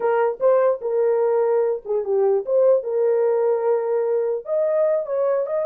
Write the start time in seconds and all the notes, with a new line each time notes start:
0.00 A#4
0.39 C5
0.81 A#4
1.85 G#4
2.04 G4
2.45 C5
2.83 A#4
4.45 D#5
5.06 C#5
5.46 D#5